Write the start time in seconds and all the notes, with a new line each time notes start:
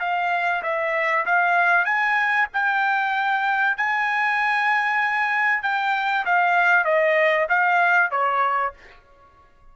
0.00 F5
0.63 E5
1.26 F5
1.85 G#5
2.54 G5
3.77 G#5
5.63 G5
6.26 F5
6.85 D#5
7.49 F5
8.11 C#5